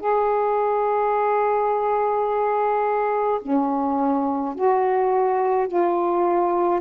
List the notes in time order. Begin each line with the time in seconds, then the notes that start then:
0.00 G#4
3.41 C#4
4.54 F#4
5.68 F4